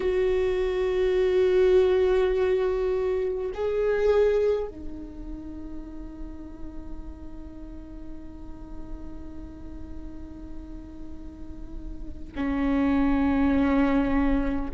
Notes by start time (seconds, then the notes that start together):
0.00 F#4
3.53 G#4
4.67 D#4
12.35 C#4